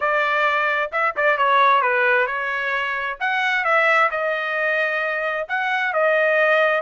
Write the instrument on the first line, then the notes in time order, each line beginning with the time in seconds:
trumpet
0.00 D5
0.92 E5
1.16 D5
1.37 C#5
1.81 B4
2.26 C#5
3.20 F#5
3.64 E5
4.10 D#5
5.48 F#5
5.93 D#5